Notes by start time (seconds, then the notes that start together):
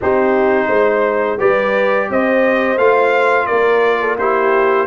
0.01 C4 D#4 G4 C5
0.67 G#3 C5
1.38 G3 G4 B4 D5
2.09 C4 C5 D#5
2.77 A3 F4 F5
3.46 A#3 A#4 D5
4.00 A4
4.18 E4 G4 C5